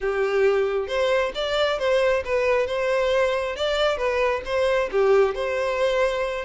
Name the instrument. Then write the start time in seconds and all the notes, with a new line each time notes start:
violin
0.00 G4
0.87 C5
1.34 D5
1.78 C5
2.24 B4
2.67 C5
3.56 D5
3.97 B4
4.45 C5
4.91 G4
5.34 C5